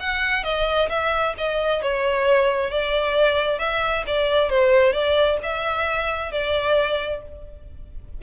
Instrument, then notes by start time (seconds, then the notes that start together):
violin
0.00 F#5
0.44 D#5
0.90 E5
1.38 D#5
1.82 C#5
2.70 D5
3.59 E5
4.07 D5
4.50 C5
4.93 D5
5.43 E5
6.32 D5